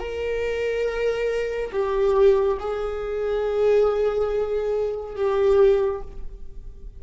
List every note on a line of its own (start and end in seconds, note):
0.00 1.71 A#4
1.73 2.58 G4
2.60 5.16 G#4
5.16 6.02 G4